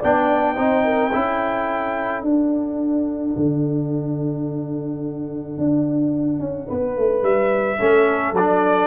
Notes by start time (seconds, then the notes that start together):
0.00 B3 D4 D5 G5
0.56 C4 D#4 C5
0.85 A#4
1.12 C#4 E4 A4
2.23 D4 F#5
3.37 D3
5.58 D4
6.40 C#4
6.67 B3 B4
6.97 A3
7.23 G3 E5
7.79 A3 C#4 A4
8.33 F#3 D4 D5